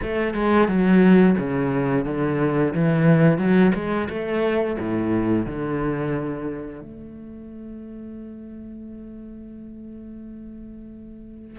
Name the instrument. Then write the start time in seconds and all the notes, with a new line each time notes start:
cello
0.02 A3
0.33 G#3
0.68 F#3
1.38 C#3
2.05 D3
2.74 E3
3.37 F#3
3.74 G#3
4.09 A3
4.79 A2
5.45 D3
6.81 A3